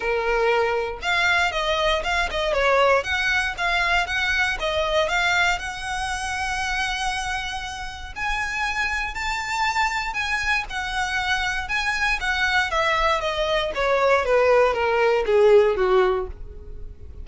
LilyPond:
\new Staff \with { instrumentName = "violin" } { \time 4/4 \tempo 4 = 118 ais'2 f''4 dis''4 | f''8 dis''8 cis''4 fis''4 f''4 | fis''4 dis''4 f''4 fis''4~ | fis''1 |
gis''2 a''2 | gis''4 fis''2 gis''4 | fis''4 e''4 dis''4 cis''4 | b'4 ais'4 gis'4 fis'4 | }